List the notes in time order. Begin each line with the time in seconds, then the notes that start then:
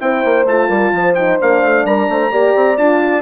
0.00 C4 E4 C5 G5
0.25 A#3
0.46 A3 F4 A5
0.69 G3 A#4
0.93 F3 C5
1.15 D#4 G5
1.40 A#3 D4 F5
1.62 A3
1.85 G3 A#4 A#5
2.09 A3 C5
2.31 A#3 G4 D5
2.55 C4
2.77 D4 F4 A5